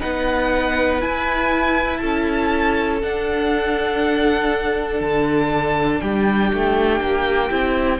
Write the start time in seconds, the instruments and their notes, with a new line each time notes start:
0.00 cello B3, viola D#4, violin B4 F#5
1.00 viola E4, cello E4, violin G#5
1.97 cello C#4, violin A4 A5
3.02 cello D4, viola D4, violin F#5
5.01 cello D3, violin A5
6.01 cello G3, violin G4 G5
6.53 cello A3
7.00 cello A#3
7.49 cello C4, viola E4